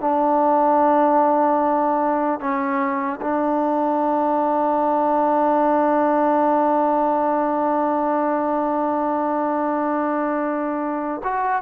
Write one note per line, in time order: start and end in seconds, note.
0.00 2.40 D4
2.40 3.20 C#4
3.21 11.21 D4
11.23 11.62 F#4